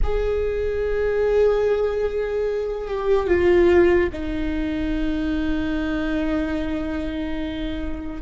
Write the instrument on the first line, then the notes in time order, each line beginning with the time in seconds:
viola
0.03 G#4
2.87 G4
3.27 F4
4.12 D#4